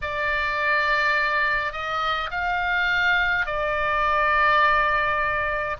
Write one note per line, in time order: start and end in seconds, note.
0.01 1.72 D5
1.72 2.30 D#5
2.31 3.46 F5
3.46 5.76 D5